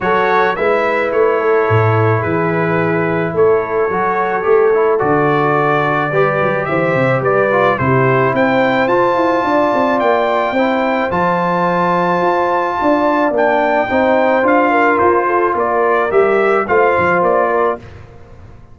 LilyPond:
<<
  \new Staff \with { instrumentName = "trumpet" } { \time 4/4 \tempo 4 = 108 cis''4 e''4 cis''2 | b'2 cis''2~ | cis''4 d''2. | e''4 d''4 c''4 g''4 |
a''2 g''2 | a''1 | g''2 f''4 c''4 | d''4 e''4 f''4 d''4 | }
  \new Staff \with { instrumentName = "horn" } { \time 4/4 a'4 b'4. a'4. | gis'2 a'2~ | a'2. b'4 | c''4 b'4 g'4 c''4~ |
c''4 d''2 c''4~ | c''2. d''4~ | d''4 c''4. ais'4 a'8 | ais'2 c''4. ais'8 | }
  \new Staff \with { instrumentName = "trombone" } { \time 4/4 fis'4 e'2.~ | e'2. fis'4 | g'8 e'8 fis'2 g'4~ | g'4. f'8 e'2 |
f'2. e'4 | f'1 | d'4 dis'4 f'2~ | f'4 g'4 f'2 | }
  \new Staff \with { instrumentName = "tuba" } { \time 4/4 fis4 gis4 a4 a,4 | e2 a4 fis4 | a4 d2 g8 fis8 | e8 c8 g4 c4 c'4 |
f'8 e'8 d'8 c'8 ais4 c'4 | f2 f'4 d'4 | ais4 c'4 d'4 f'4 | ais4 g4 a8 f8 ais4 | }
>>